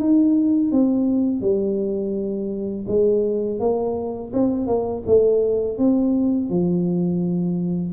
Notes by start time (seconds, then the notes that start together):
0.00 D#4
0.72 C4
1.41 G3
2.88 G#3
3.60 A#3
4.33 C4
4.67 A#3
5.07 A3
5.78 C4
6.50 F3